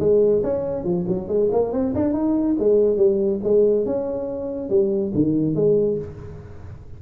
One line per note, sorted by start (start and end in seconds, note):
0.00 0.43 G#3
0.43 0.84 C#4
0.84 1.06 F3
1.08 1.28 F#3
1.28 1.50 G#3
1.52 1.73 A#3
1.73 1.94 C4
1.95 2.14 D4
2.14 2.56 D#4
2.59 2.97 G#3
2.97 3.40 G3
3.44 3.86 G#3
3.86 4.70 C#4
4.70 5.13 G3
5.15 5.56 D#3
5.56 5.98 G#3